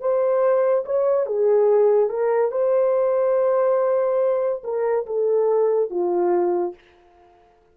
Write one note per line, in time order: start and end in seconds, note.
0.00 0.85 C5
0.86 1.26 C#5
1.26 2.09 G#4
2.09 2.52 A#4
2.52 4.63 C5
4.64 5.06 A#4
5.06 5.90 A4
5.90 6.75 F4